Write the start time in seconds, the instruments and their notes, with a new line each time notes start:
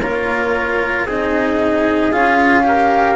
0.00 double bass A#3, cello F4, trumpet A#4, flute C#5
1.05 double bass C4, cello D#4, trumpet G#4, flute D#5
2.11 double bass C#4, cello F4, flute F5
2.63 cello G4, trumpet A#4